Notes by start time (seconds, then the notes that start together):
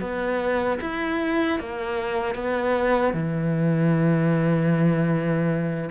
0.00 B3
0.81 E4
1.59 A#3
2.35 B3
3.13 E3